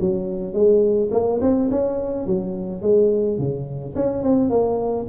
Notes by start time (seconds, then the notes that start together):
0.00 F#3
0.53 G#3
1.11 A#3
1.41 C4
1.70 C#4
2.26 F#3
2.82 G#3
3.38 C#3
3.95 C#4
4.23 C4
4.50 A#3